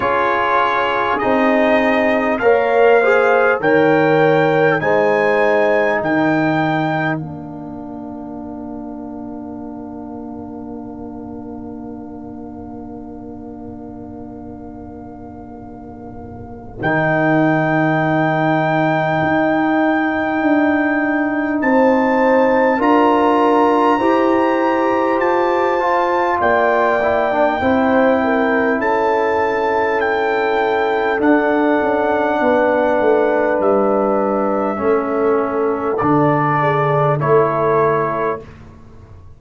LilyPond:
<<
  \new Staff \with { instrumentName = "trumpet" } { \time 4/4 \tempo 4 = 50 cis''4 dis''4 f''4 g''4 | gis''4 g''4 f''2~ | f''1~ | f''2 g''2~ |
g''2 a''4 ais''4~ | ais''4 a''4 g''2 | a''4 g''4 fis''2 | e''2 d''4 cis''4 | }
  \new Staff \with { instrumentName = "horn" } { \time 4/4 gis'2 cis''8 c''8 cis''4 | c''4 ais'2.~ | ais'1~ | ais'1~ |
ais'2 c''4 ais'4 | c''2 d''4 c''8 ais'8 | a'2. b'4~ | b'4 a'4. gis'8 a'4 | }
  \new Staff \with { instrumentName = "trombone" } { \time 4/4 f'4 dis'4 ais'8 gis'8 ais'4 | dis'2 d'2~ | d'1~ | d'2 dis'2~ |
dis'2. f'4 | g'4. f'4 e'16 d'16 e'4~ | e'2 d'2~ | d'4 cis'4 d'4 e'4 | }
  \new Staff \with { instrumentName = "tuba" } { \time 4/4 cis'4 c'4 ais4 dis4 | gis4 dis4 ais2~ | ais1~ | ais2 dis2 |
dis'4 d'4 c'4 d'4 | e'4 f'4 ais4 c'4 | cis'2 d'8 cis'8 b8 a8 | g4 a4 d4 a4 | }
>>